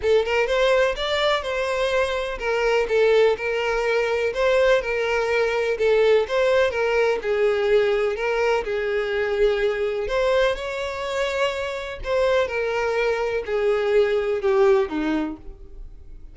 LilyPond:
\new Staff \with { instrumentName = "violin" } { \time 4/4 \tempo 4 = 125 a'8 ais'8 c''4 d''4 c''4~ | c''4 ais'4 a'4 ais'4~ | ais'4 c''4 ais'2 | a'4 c''4 ais'4 gis'4~ |
gis'4 ais'4 gis'2~ | gis'4 c''4 cis''2~ | cis''4 c''4 ais'2 | gis'2 g'4 dis'4 | }